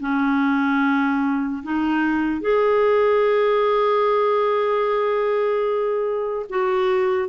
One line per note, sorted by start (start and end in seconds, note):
0.00 1.62 C#4
1.63 2.41 D#4
2.41 6.46 G#4
6.49 7.28 F#4